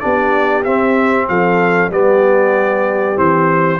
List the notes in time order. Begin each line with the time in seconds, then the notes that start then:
0.00 B3 D4 G4 D5
0.64 C4 E5
1.29 F3 A4 F5
1.90 G3 B3 G4 D5
3.16 E3 C4 C5